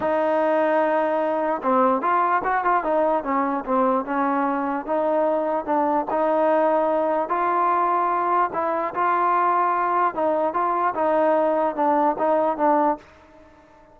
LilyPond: \new Staff \with { instrumentName = "trombone" } { \time 4/4 \tempo 4 = 148 dis'1 | c'4 f'4 fis'8 f'8 dis'4 | cis'4 c'4 cis'2 | dis'2 d'4 dis'4~ |
dis'2 f'2~ | f'4 e'4 f'2~ | f'4 dis'4 f'4 dis'4~ | dis'4 d'4 dis'4 d'4 | }